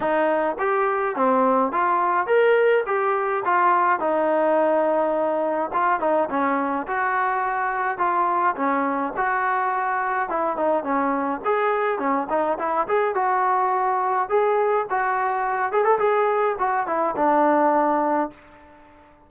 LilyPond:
\new Staff \with { instrumentName = "trombone" } { \time 4/4 \tempo 4 = 105 dis'4 g'4 c'4 f'4 | ais'4 g'4 f'4 dis'4~ | dis'2 f'8 dis'8 cis'4 | fis'2 f'4 cis'4 |
fis'2 e'8 dis'8 cis'4 | gis'4 cis'8 dis'8 e'8 gis'8 fis'4~ | fis'4 gis'4 fis'4. gis'16 a'16 | gis'4 fis'8 e'8 d'2 | }